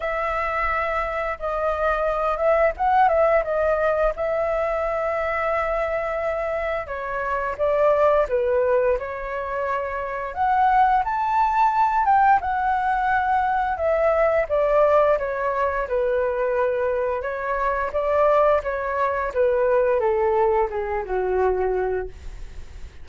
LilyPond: \new Staff \with { instrumentName = "flute" } { \time 4/4 \tempo 4 = 87 e''2 dis''4. e''8 | fis''8 e''8 dis''4 e''2~ | e''2 cis''4 d''4 | b'4 cis''2 fis''4 |
a''4. g''8 fis''2 | e''4 d''4 cis''4 b'4~ | b'4 cis''4 d''4 cis''4 | b'4 a'4 gis'8 fis'4. | }